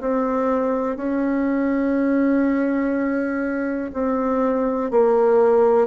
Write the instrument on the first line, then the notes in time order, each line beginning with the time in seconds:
bassoon
0.00 C4
0.96 C#4
3.93 C4
4.90 A#3